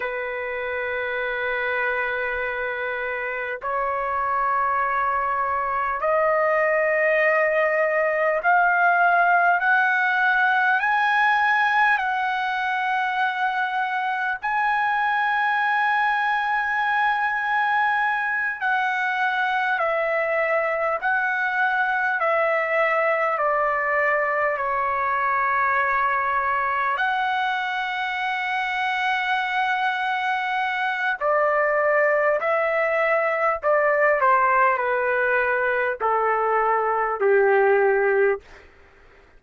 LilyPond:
\new Staff \with { instrumentName = "trumpet" } { \time 4/4 \tempo 4 = 50 b'2. cis''4~ | cis''4 dis''2 f''4 | fis''4 gis''4 fis''2 | gis''2.~ gis''8 fis''8~ |
fis''8 e''4 fis''4 e''4 d''8~ | d''8 cis''2 fis''4.~ | fis''2 d''4 e''4 | d''8 c''8 b'4 a'4 g'4 | }